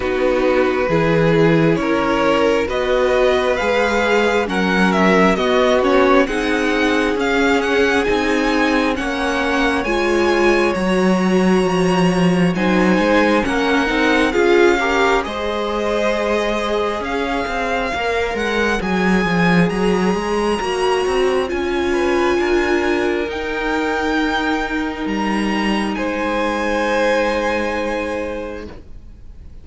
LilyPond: <<
  \new Staff \with { instrumentName = "violin" } { \time 4/4 \tempo 4 = 67 b'2 cis''4 dis''4 | f''4 fis''8 e''8 dis''8 cis''8 fis''4 | f''8 fis''8 gis''4 fis''4 gis''4 | ais''2 gis''4 fis''4 |
f''4 dis''2 f''4~ | f''8 fis''8 gis''4 ais''2 | gis''2 g''2 | ais''4 gis''2. | }
  \new Staff \with { instrumentName = "violin" } { \time 4/4 fis'4 gis'4 ais'4 b'4~ | b'4 ais'4 fis'4 gis'4~ | gis'2 cis''2~ | cis''2 c''4 ais'4 |
gis'8 ais'8 c''2 cis''4~ | cis''1~ | cis''8 b'8 ais'2.~ | ais'4 c''2. | }
  \new Staff \with { instrumentName = "viola" } { \time 4/4 dis'4 e'2 fis'4 | gis'4 cis'4 b8 cis'8 dis'4 | cis'4 dis'4 cis'4 f'4 | fis'2 dis'4 cis'8 dis'8 |
f'8 g'8 gis'2. | ais'4 gis'2 fis'4 | f'2 dis'2~ | dis'1 | }
  \new Staff \with { instrumentName = "cello" } { \time 4/4 b4 e4 cis'4 b4 | gis4 fis4 b4 c'4 | cis'4 c'4 ais4 gis4 | fis4 f4 fis8 gis8 ais8 c'8 |
cis'4 gis2 cis'8 c'8 | ais8 gis8 fis8 f8 fis8 gis8 ais8 c'8 | cis'4 d'4 dis'2 | g4 gis2. | }
>>